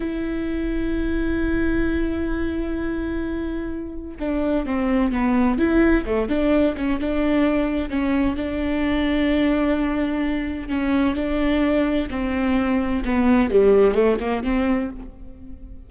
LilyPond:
\new Staff \with { instrumentName = "viola" } { \time 4/4 \tempo 4 = 129 e'1~ | e'1~ | e'4 d'4 c'4 b4 | e'4 a8 d'4 cis'8 d'4~ |
d'4 cis'4 d'2~ | d'2. cis'4 | d'2 c'2 | b4 g4 a8 ais8 c'4 | }